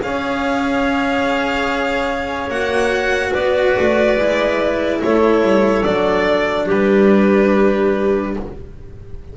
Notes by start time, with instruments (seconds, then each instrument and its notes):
0.00 double bass C#4, cello G#4, clarinet C#5, violin F5
2.48 double bass A#3, cello F#4, violin F#5
3.31 double bass B3, clarinet B4, violin D5
3.78 double bass A3
4.18 double bass G#3, cello E4
5.02 double bass A3, clarinet A4, violin C#5
5.42 double bass G3
5.82 double bass F#3, cello D4, violin D5
6.66 double bass G3, clarinet G4, violin B4